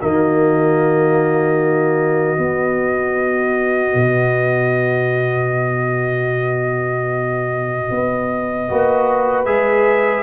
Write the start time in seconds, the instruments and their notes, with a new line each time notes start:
0.00 tuba D#3, trombone A#3, horn F#4, trumpet D#5
2.37 trombone B3, tuba B3
3.95 tuba B2
7.91 tuba B3
8.69 tuba A#3, trombone F#4, horn B4
9.46 tuba G#3, trombone G#4, trumpet E5